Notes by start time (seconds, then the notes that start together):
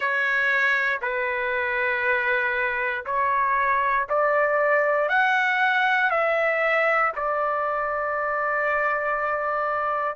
0.00 C#5
1.01 B4
3.05 C#5
4.09 D5
5.08 F#5
6.10 E5
7.15 D5